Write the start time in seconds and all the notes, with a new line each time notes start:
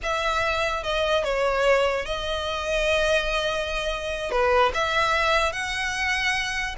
0.02 E5
0.83 D#5
1.23 C#5
2.05 D#5
4.31 B4
4.74 E5
5.52 F#5